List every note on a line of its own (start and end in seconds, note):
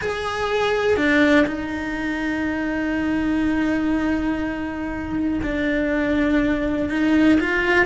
0.01 0.96 G#4
0.96 1.46 D4
1.46 5.40 D#4
5.42 6.89 D4
6.89 7.38 D#4
7.39 7.85 F4